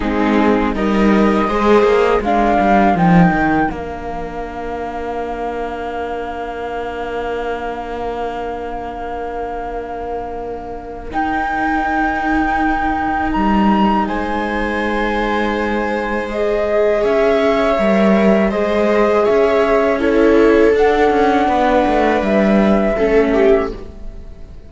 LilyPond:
<<
  \new Staff \with { instrumentName = "flute" } { \time 4/4 \tempo 4 = 81 gis'4 dis''2 f''4 | g''4 f''2.~ | f''1~ | f''2. g''4~ |
g''2 ais''4 gis''4~ | gis''2 dis''4 e''4~ | e''4 dis''4 e''4 cis''4 | fis''2 e''2 | }
  \new Staff \with { instrumentName = "viola" } { \time 4/4 dis'4 ais'4 c''4 ais'4~ | ais'1~ | ais'1~ | ais'1~ |
ais'2. c''4~ | c''2. cis''4~ | cis''4 c''4 cis''4 a'4~ | a'4 b'2 a'8 g'8 | }
  \new Staff \with { instrumentName = "viola" } { \time 4/4 c'4 dis'4 gis'4 d'4 | dis'4 d'2.~ | d'1~ | d'2. dis'4~ |
dis'1~ | dis'2 gis'2 | ais'4 gis'2 e'4 | d'2. cis'4 | }
  \new Staff \with { instrumentName = "cello" } { \time 4/4 gis4 g4 gis8 ais8 gis8 g8 | f8 dis8 ais2.~ | ais1~ | ais2. dis'4~ |
dis'2 g4 gis4~ | gis2. cis'4 | g4 gis4 cis'2 | d'8 cis'8 b8 a8 g4 a4 | }
>>